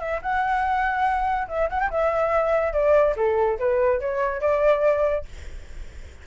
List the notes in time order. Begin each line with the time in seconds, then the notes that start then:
0.00 E5
0.22 F#5
1.49 E5
1.70 F#5
1.80 G5
1.91 E5
2.73 D5
3.17 A4
3.60 B4
4.00 C#5
4.41 D5